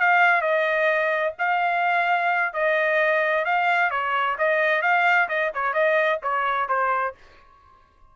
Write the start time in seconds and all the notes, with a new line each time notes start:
0.00 F5
0.42 D#5
1.39 F5
2.54 D#5
3.46 F5
3.91 C#5
4.39 D#5
4.82 F5
5.29 D#5
5.55 C#5
5.74 D#5
6.23 C#5
6.69 C5